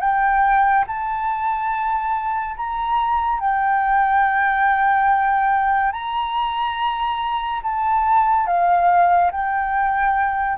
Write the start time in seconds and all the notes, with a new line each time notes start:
0.00 G5
0.87 A5
2.57 A#5
3.40 G5
5.92 A#5
7.62 A5
8.47 F5
9.31 G5